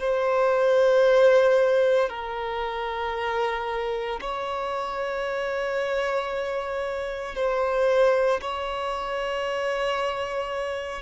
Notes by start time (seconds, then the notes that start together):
0.00 C5
2.10 A#4
4.21 C#5
7.35 C5
8.42 C#5